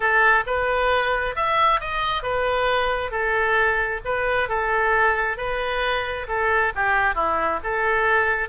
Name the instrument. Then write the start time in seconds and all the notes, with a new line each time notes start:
oboe
0.00 A4
0.46 B4
1.35 E5
1.80 D#5
2.22 B4
3.11 A4
4.04 B4
4.48 A4
5.37 B4
6.28 A4
6.75 G4
7.14 E4
7.63 A4